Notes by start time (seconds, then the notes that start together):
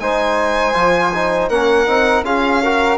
0.00 G#3 D#4 C5 G#5
0.74 F3 F4
1.15 D#4
1.49 A#3 C#4 A#4 F#5
1.87 C4 D#4
2.23 C#4 F4 G#4 F5
2.63 F#4 A#4